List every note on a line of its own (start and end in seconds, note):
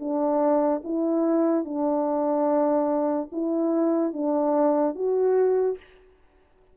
0.00 0.82 D4
0.84 1.65 E4
1.65 3.30 D4
3.33 4.13 E4
4.13 4.95 D4
4.95 5.78 F#4